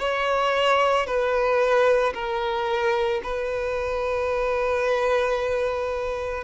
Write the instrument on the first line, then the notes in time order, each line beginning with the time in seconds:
violin
0.00 C#5
1.06 B4
2.14 A#4
3.23 B4